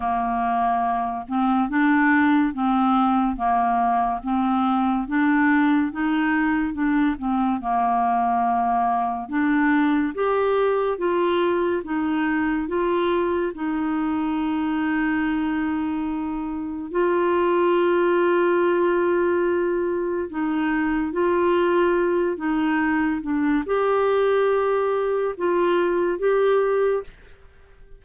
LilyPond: \new Staff \with { instrumentName = "clarinet" } { \time 4/4 \tempo 4 = 71 ais4. c'8 d'4 c'4 | ais4 c'4 d'4 dis'4 | d'8 c'8 ais2 d'4 | g'4 f'4 dis'4 f'4 |
dis'1 | f'1 | dis'4 f'4. dis'4 d'8 | g'2 f'4 g'4 | }